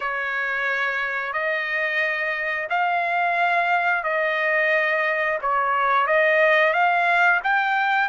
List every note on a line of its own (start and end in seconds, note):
0.00 1.33 C#5
1.33 2.68 D#5
2.69 4.03 F5
4.03 5.38 D#5
5.41 6.06 C#5
6.06 6.73 D#5
6.73 7.40 F5
7.43 8.08 G5